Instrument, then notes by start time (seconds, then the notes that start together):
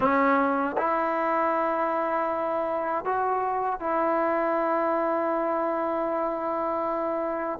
trombone
0.00 C#4
0.77 E4
3.04 F#4
3.80 E4